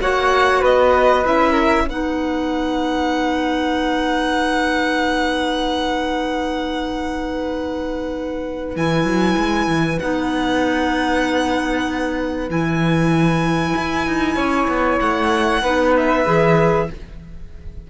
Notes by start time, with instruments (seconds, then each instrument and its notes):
0.00 cello A#3, clarinet F#4, flute C#5, violin F#5
0.61 cello B3, flute B4, violin D#5
1.24 cello C#4, clarinet E4, violin E5
1.52 flute A#4
1.87 cello B3, clarinet D#4, flute B4, violin F#5
8.76 cello E3, clarinet E4, violin G#5
9.04 cello F#3
9.37 cello G#3
9.67 cello E3
9.99 cello B3, clarinet D#4, violin F#5
12.49 cello E3, clarinet E4, violin G#5
13.76 cello E4
14.07 cello D#4
14.36 cello C#4, flute C#5
14.67 cello B3
14.99 cello A3, violin F#5
15.62 cello B3, clarinet D#4, flute B4
15.96 violin E5
16.25 cello E3, clarinet G#4